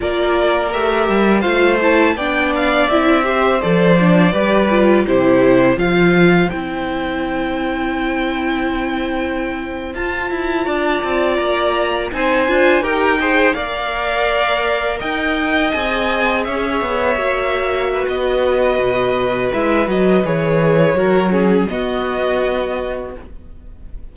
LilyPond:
<<
  \new Staff \with { instrumentName = "violin" } { \time 4/4 \tempo 4 = 83 d''4 e''4 f''8 a''8 g''8 f''8 | e''4 d''2 c''4 | f''4 g''2.~ | g''4.~ g''16 a''2 ais''16~ |
ais''8. gis''4 g''4 f''4~ f''16~ | f''8. g''4 gis''4 e''4~ e''16~ | e''4 dis''2 e''8 dis''8 | cis''2 dis''2 | }
  \new Staff \with { instrumentName = "violin" } { \time 4/4 ais'2 c''4 d''4~ | d''8 c''4. b'4 g'4 | c''1~ | c''2~ c''8. d''4~ d''16~ |
d''8. c''4 ais'8 c''8 d''4~ d''16~ | d''8. dis''2 cis''4~ cis''16~ | cis''8. b'2.~ b'16~ | b'4 ais'8 gis'8 fis'2 | }
  \new Staff \with { instrumentName = "viola" } { \time 4/4 f'4 g'4 f'8 e'8 d'4 | e'8 g'8 a'8 d'8 g'8 f'8 e'4 | f'4 e'2.~ | e'4.~ e'16 f'2~ f'16~ |
f'8. dis'8 f'8 g'8 gis'8 ais'4~ ais'16~ | ais'4.~ ais'16 gis'2 fis'16~ | fis'2. e'8 fis'8 | gis'4 fis'8 cis'8 b2 | }
  \new Staff \with { instrumentName = "cello" } { \time 4/4 ais4 a8 g8 a4 b4 | c'4 f4 g4 c4 | f4 c'2.~ | c'4.~ c'16 f'8 e'8 d'8 c'8 ais16~ |
ais8. c'8 d'8 dis'4 ais4~ ais16~ | ais8. dis'4 c'4 cis'8 b8 ais16~ | ais4 b4 b,4 gis8 fis8 | e4 fis4 b2 | }
>>